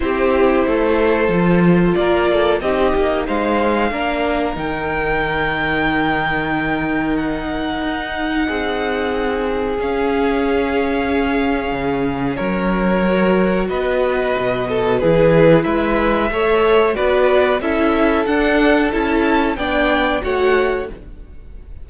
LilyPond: <<
  \new Staff \with { instrumentName = "violin" } { \time 4/4 \tempo 4 = 92 c''2. d''4 | dis''4 f''2 g''4~ | g''2. fis''4~ | fis''2. f''4~ |
f''2. cis''4~ | cis''4 dis''2 b'4 | e''2 d''4 e''4 | fis''4 a''4 g''4 fis''4 | }
  \new Staff \with { instrumentName = "violin" } { \time 4/4 g'4 a'2 ais'8 a'8 | g'4 c''4 ais'2~ | ais'1~ | ais'4 gis'2.~ |
gis'2. ais'4~ | ais'4 b'4. a'8 gis'4 | b'4 cis''4 b'4 a'4~ | a'2 d''4 cis''4 | }
  \new Staff \with { instrumentName = "viola" } { \time 4/4 e'2 f'2 | dis'2 d'4 dis'4~ | dis'1~ | dis'2. cis'4~ |
cis'1 | fis'2. e'4~ | e'4 a'4 fis'4 e'4 | d'4 e'4 d'4 fis'4 | }
  \new Staff \with { instrumentName = "cello" } { \time 4/4 c'4 a4 f4 ais4 | c'8 ais8 gis4 ais4 dis4~ | dis1 | dis'4 c'2 cis'4~ |
cis'2 cis4 fis4~ | fis4 b4 b,4 e4 | gis4 a4 b4 cis'4 | d'4 cis'4 b4 a4 | }
>>